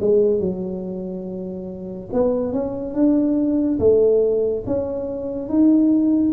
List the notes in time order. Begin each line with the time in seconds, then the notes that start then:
0.00 G#3
0.40 F#3
2.13 B3
2.53 C#4
2.94 D4
3.79 A3
4.66 C#4
5.49 D#4